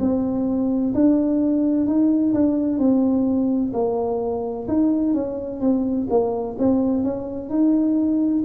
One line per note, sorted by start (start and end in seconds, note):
0.00 0.94 C4
0.95 1.87 D4
1.87 2.34 D#4
2.34 2.79 D4
2.79 3.72 C4
3.74 4.67 A#3
4.68 5.14 D#4
5.14 5.61 C#4
5.61 6.08 C4
6.10 6.57 A#3
6.59 7.04 C4
7.04 7.50 C#4
7.50 8.44 D#4